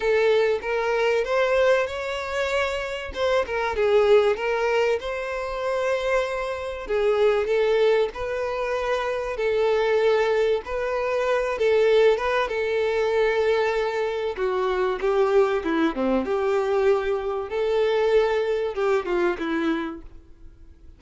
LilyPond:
\new Staff \with { instrumentName = "violin" } { \time 4/4 \tempo 4 = 96 a'4 ais'4 c''4 cis''4~ | cis''4 c''8 ais'8 gis'4 ais'4 | c''2. gis'4 | a'4 b'2 a'4~ |
a'4 b'4. a'4 b'8 | a'2. fis'4 | g'4 e'8 c'8 g'2 | a'2 g'8 f'8 e'4 | }